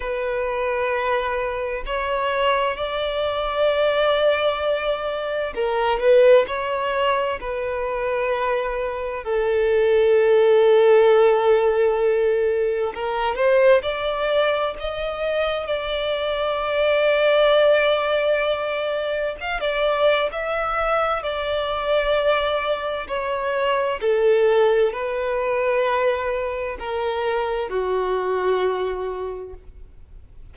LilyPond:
\new Staff \with { instrumentName = "violin" } { \time 4/4 \tempo 4 = 65 b'2 cis''4 d''4~ | d''2 ais'8 b'8 cis''4 | b'2 a'2~ | a'2 ais'8 c''8 d''4 |
dis''4 d''2.~ | d''4 f''16 d''8. e''4 d''4~ | d''4 cis''4 a'4 b'4~ | b'4 ais'4 fis'2 | }